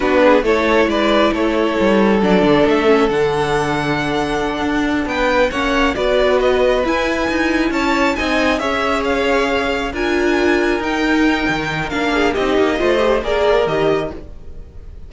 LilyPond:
<<
  \new Staff \with { instrumentName = "violin" } { \time 4/4 \tempo 4 = 136 b'4 cis''4 d''4 cis''4~ | cis''4 d''4 e''4 fis''4~ | fis''2.~ fis''8 g''8~ | g''8 fis''4 d''4 dis''4 gis''8~ |
gis''4. a''4 gis''4 e''8~ | e''8 f''2 gis''4.~ | gis''8 g''2~ g''8 f''4 | dis''2 d''4 dis''4 | }
  \new Staff \with { instrumentName = "violin" } { \time 4/4 fis'8 gis'8 a'4 b'4 a'4~ | a'1~ | a'2.~ a'8 b'8~ | b'8 cis''4 b'2~ b'8~ |
b'4. cis''4 dis''4 cis''8~ | cis''2~ cis''8 ais'4.~ | ais'2.~ ais'8 gis'8 | g'4 c''4 ais'2 | }
  \new Staff \with { instrumentName = "viola" } { \time 4/4 d'4 e'2.~ | e'4 d'4. cis'8 d'4~ | d'1~ | d'8 cis'4 fis'2 e'8~ |
e'2~ e'8 dis'4 gis'8~ | gis'2~ gis'8 f'4.~ | f'8 dis'2~ dis'8 d'4 | dis'4 f'8 g'8 gis'4 g'4 | }
  \new Staff \with { instrumentName = "cello" } { \time 4/4 b4 a4 gis4 a4 | g4 fis8 d8 a4 d4~ | d2~ d8 d'4 b8~ | b8 ais4 b2 e'8~ |
e'8 dis'4 cis'4 c'4 cis'8~ | cis'2~ cis'8 d'4.~ | d'8 dis'4. dis4 ais4 | c'8 ais8 a4 ais4 dis4 | }
>>